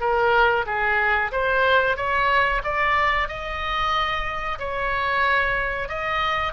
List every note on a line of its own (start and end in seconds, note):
0.00 0.65 A#4
0.66 1.31 G#4
1.32 1.96 C5
1.96 2.61 C#5
2.64 3.28 D5
3.28 4.58 D#5
4.59 5.88 C#5
5.88 6.53 D#5